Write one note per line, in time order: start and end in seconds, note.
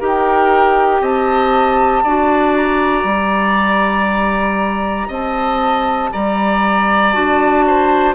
0.00 1.01 D#4
0.00 2.04 G4
0.00 1.02 A#4
0.00 1.04 G5
1.01 2.03 C4
1.01 2.04 D#5
1.01 2.57 A5
2.04 3.04 D4
2.04 3.09 F#4
2.04 5.08 D5
2.57 5.11 A#5
3.04 5.08 G3
3.04 7.13 G4
5.08 6.11 C4
5.08 6.10 D#5
5.08 6.13 A5
6.13 7.15 G3
6.13 7.65 D5
6.13 7.13 A#5
7.13 8.15 D4
7.13 8.15 F#4
7.13 8.15 A5
7.67 8.15 C5